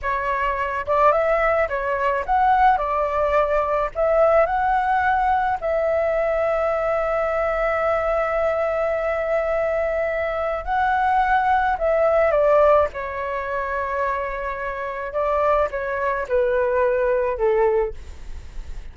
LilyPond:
\new Staff \with { instrumentName = "flute" } { \time 4/4 \tempo 4 = 107 cis''4. d''8 e''4 cis''4 | fis''4 d''2 e''4 | fis''2 e''2~ | e''1~ |
e''2. fis''4~ | fis''4 e''4 d''4 cis''4~ | cis''2. d''4 | cis''4 b'2 a'4 | }